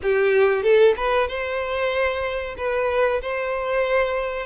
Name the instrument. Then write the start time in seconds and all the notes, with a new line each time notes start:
violin
0.02 G4
0.62 A4
0.97 B4
1.28 C5
2.57 B4
3.21 C5